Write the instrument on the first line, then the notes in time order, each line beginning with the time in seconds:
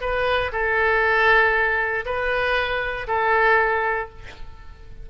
oboe
0.00 B4
0.52 A4
2.05 B4
3.07 A4